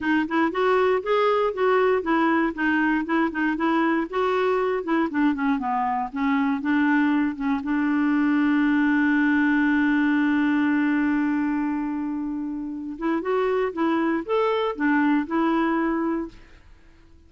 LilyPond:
\new Staff \with { instrumentName = "clarinet" } { \time 4/4 \tempo 4 = 118 dis'8 e'8 fis'4 gis'4 fis'4 | e'4 dis'4 e'8 dis'8 e'4 | fis'4. e'8 d'8 cis'8 b4 | cis'4 d'4. cis'8 d'4~ |
d'1~ | d'1~ | d'4. e'8 fis'4 e'4 | a'4 d'4 e'2 | }